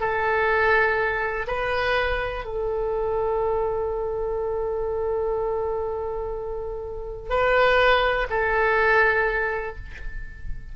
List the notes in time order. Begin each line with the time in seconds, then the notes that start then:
0.00 A4
1.47 B4
2.45 A4
7.30 B4
8.30 A4